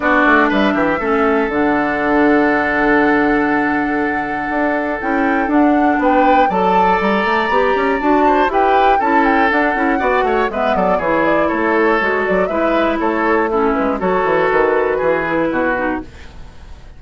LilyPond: <<
  \new Staff \with { instrumentName = "flute" } { \time 4/4 \tempo 4 = 120 d''4 e''2 fis''4~ | fis''1~ | fis''2 g''4 fis''4 | g''4 a''4 ais''2 |
a''4 g''4 a''8 g''8 fis''4~ | fis''4 e''8 d''8 cis''8 d''8 cis''4~ | cis''8 d''8 e''4 cis''4 a'8 b'8 | cis''4 b'2. | }
  \new Staff \with { instrumentName = "oboe" } { \time 4/4 fis'4 b'8 g'8 a'2~ | a'1~ | a'1 | b'4 d''2.~ |
d''8 c''8 b'4 a'2 | d''8 cis''8 b'8 a'8 gis'4 a'4~ | a'4 b'4 a'4 e'4 | a'2 gis'4 fis'4 | }
  \new Staff \with { instrumentName = "clarinet" } { \time 4/4 d'2 cis'4 d'4~ | d'1~ | d'2 e'4 d'4~ | d'4 a'2 g'4 |
fis'4 g'4 e'4 d'8 e'8 | fis'4 b4 e'2 | fis'4 e'2 cis'4 | fis'2~ fis'8 e'4 dis'8 | }
  \new Staff \with { instrumentName = "bassoon" } { \time 4/4 b8 a8 g8 e8 a4 d4~ | d1~ | d4 d'4 cis'4 d'4 | b4 fis4 g8 a8 b8 cis'8 |
d'4 e'4 cis'4 d'8 cis'8 | b8 a8 gis8 fis8 e4 a4 | gis8 fis8 gis4 a4. gis8 | fis8 e8 dis4 e4 b,4 | }
>>